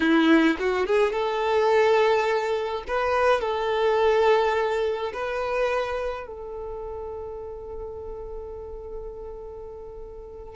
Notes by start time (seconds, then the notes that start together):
0.00 E4
0.59 F#4
0.86 G#4
1.12 A4
2.87 B4
3.41 A4
5.13 B4
6.26 A4